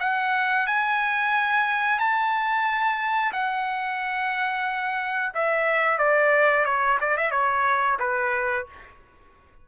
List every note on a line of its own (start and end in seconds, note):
0.00 0.66 F#5
0.66 1.99 G#5
1.99 3.32 A5
3.33 5.33 F#5
5.34 5.98 E5
5.98 6.65 D5
6.65 6.98 C#5
7.00 7.17 D5
7.17 7.31 E5
7.31 7.98 C#5
7.99 8.66 B4